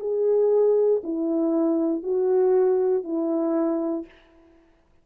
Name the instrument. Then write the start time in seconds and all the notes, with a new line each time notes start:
horn
0.00 G#4
1.04 E4
2.03 F#4
3.04 E4